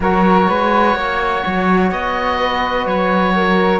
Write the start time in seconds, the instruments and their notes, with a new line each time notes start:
0.00 cello F#3, trombone F#4, flute A#4, oboe C#5
0.48 cello G#3, flute B4
0.94 cello A#3, flute C#5
1.46 cello F#3
1.91 cello B3, oboe D#5
2.37 flute B4
2.86 cello F#3, oboe C#5
3.35 flute A#4